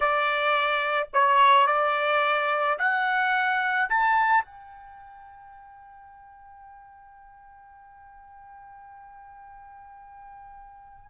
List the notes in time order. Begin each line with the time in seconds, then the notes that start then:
0.00 D5
1.13 C#5
1.67 D5
2.79 F#5
3.89 A5
4.44 G5